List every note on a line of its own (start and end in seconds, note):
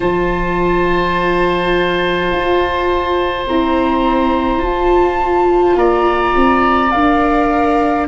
0.00 2.31 F3
0.00 3.46 F4
0.00 5.75 C5
0.00 3.45 A5
2.31 3.46 F4
3.46 4.58 C4
3.46 4.63 E4
3.46 4.62 A#5
4.58 6.89 F4
4.58 5.75 F4
4.58 5.77 A5
5.75 6.33 A#3
5.75 8.07 D5
5.75 6.90 A#5
6.35 6.93 C4
6.90 8.07 D4
6.90 8.07 A#4
6.90 8.06 F5